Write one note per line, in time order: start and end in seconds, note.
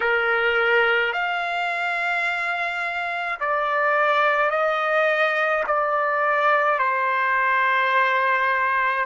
0.00 1.12 A#4
1.12 3.39 F5
3.40 4.50 D5
4.50 5.63 D#5
5.66 6.78 D5
6.78 9.05 C5